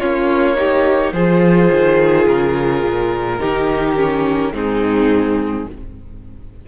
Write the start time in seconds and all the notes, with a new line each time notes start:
0.00 A#3 C#4 F4 C#5
0.56 D#4 G4
1.13 F3 F4 G#4 C5
1.72 D#3
2.28 C#3 A#4
2.83 A#2
3.40 D#3 D#4 G4
3.97 C#4
4.53 G#2 C4 D#4 G#4